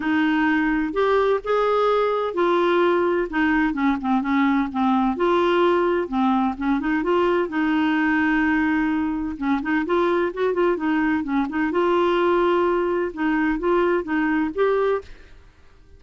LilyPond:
\new Staff \with { instrumentName = "clarinet" } { \time 4/4 \tempo 4 = 128 dis'2 g'4 gis'4~ | gis'4 f'2 dis'4 | cis'8 c'8 cis'4 c'4 f'4~ | f'4 c'4 cis'8 dis'8 f'4 |
dis'1 | cis'8 dis'8 f'4 fis'8 f'8 dis'4 | cis'8 dis'8 f'2. | dis'4 f'4 dis'4 g'4 | }